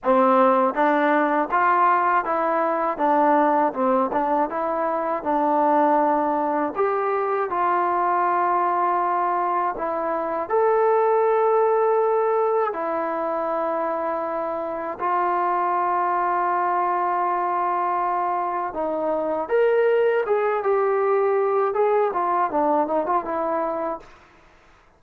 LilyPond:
\new Staff \with { instrumentName = "trombone" } { \time 4/4 \tempo 4 = 80 c'4 d'4 f'4 e'4 | d'4 c'8 d'8 e'4 d'4~ | d'4 g'4 f'2~ | f'4 e'4 a'2~ |
a'4 e'2. | f'1~ | f'4 dis'4 ais'4 gis'8 g'8~ | g'4 gis'8 f'8 d'8 dis'16 f'16 e'4 | }